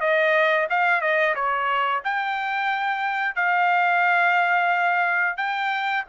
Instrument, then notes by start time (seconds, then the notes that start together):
trumpet
0.00 D#5
0.70 F5
1.01 D#5
1.35 C#5
2.04 G5
3.35 F5
5.37 G5